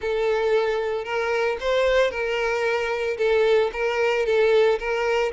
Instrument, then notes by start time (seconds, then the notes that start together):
violin
0.01 A4
1.04 A#4
1.60 C5
2.10 A#4
3.17 A4
3.73 A#4
4.26 A4
4.79 A#4